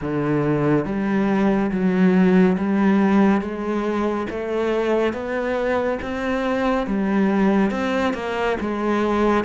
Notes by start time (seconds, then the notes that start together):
0.01 D3
0.85 G3
1.71 F#3
2.57 G3
3.41 G#3
4.29 A3
5.13 B3
6.02 C4
6.86 G3
7.70 C4
8.14 A#3
8.60 G#3